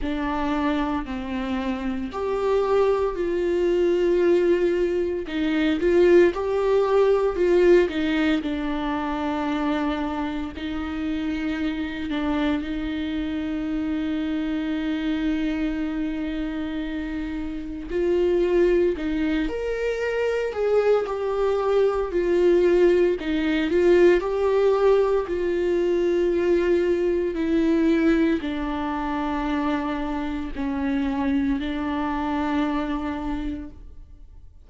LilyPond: \new Staff \with { instrumentName = "viola" } { \time 4/4 \tempo 4 = 57 d'4 c'4 g'4 f'4~ | f'4 dis'8 f'8 g'4 f'8 dis'8 | d'2 dis'4. d'8 | dis'1~ |
dis'4 f'4 dis'8 ais'4 gis'8 | g'4 f'4 dis'8 f'8 g'4 | f'2 e'4 d'4~ | d'4 cis'4 d'2 | }